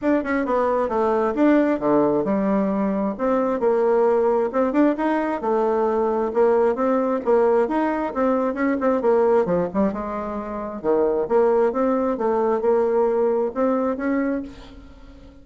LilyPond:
\new Staff \with { instrumentName = "bassoon" } { \time 4/4 \tempo 4 = 133 d'8 cis'8 b4 a4 d'4 | d4 g2 c'4 | ais2 c'8 d'8 dis'4 | a2 ais4 c'4 |
ais4 dis'4 c'4 cis'8 c'8 | ais4 f8 g8 gis2 | dis4 ais4 c'4 a4 | ais2 c'4 cis'4 | }